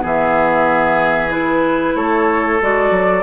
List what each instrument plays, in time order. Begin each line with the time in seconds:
0.00 bassoon E3, clarinet B3, oboe G#4, flute E5
1.30 clarinet E4, flute B4
1.95 bassoon A3, oboe A4, flute C#5
2.61 bassoon G#3, clarinet F#4, flute D5
2.91 bassoon F#3